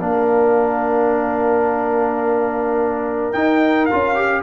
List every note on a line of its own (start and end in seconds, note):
0.00 3.34 A#3
0.00 3.34 D4
0.00 4.43 A#4
0.00 3.32 F5
3.32 3.89 D#4
3.32 3.90 D#4
3.32 3.86 G5
3.86 4.15 F4
3.86 4.42 F5
3.93 4.43 C#4
4.15 4.43 G4